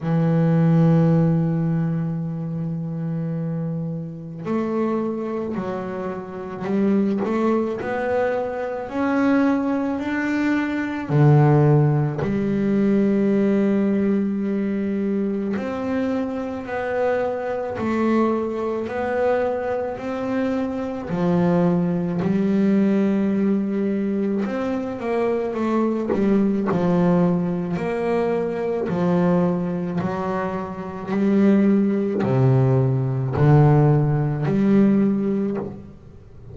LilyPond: \new Staff \with { instrumentName = "double bass" } { \time 4/4 \tempo 4 = 54 e1 | a4 fis4 g8 a8 b4 | cis'4 d'4 d4 g4~ | g2 c'4 b4 |
a4 b4 c'4 f4 | g2 c'8 ais8 a8 g8 | f4 ais4 f4 fis4 | g4 c4 d4 g4 | }